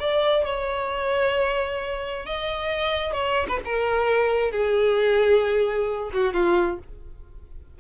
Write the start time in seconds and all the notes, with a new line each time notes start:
0.00 D5
0.45 C#5
2.26 D#5
3.13 C#5
3.49 B4
3.65 A#4
4.52 G#4
6.13 F#4
6.33 F4